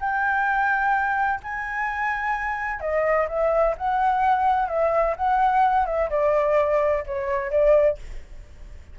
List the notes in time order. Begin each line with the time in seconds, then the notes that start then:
0.00 G5
1.43 G#5
2.80 D#5
3.29 E5
3.78 F#5
4.69 E5
5.17 F#5
5.86 E5
6.10 D5
7.07 C#5
7.51 D5